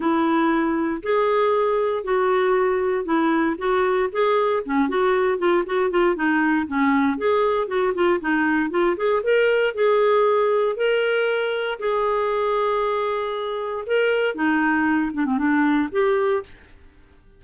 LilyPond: \new Staff \with { instrumentName = "clarinet" } { \time 4/4 \tempo 4 = 117 e'2 gis'2 | fis'2 e'4 fis'4 | gis'4 cis'8 fis'4 f'8 fis'8 f'8 | dis'4 cis'4 gis'4 fis'8 f'8 |
dis'4 f'8 gis'8 ais'4 gis'4~ | gis'4 ais'2 gis'4~ | gis'2. ais'4 | dis'4. d'16 c'16 d'4 g'4 | }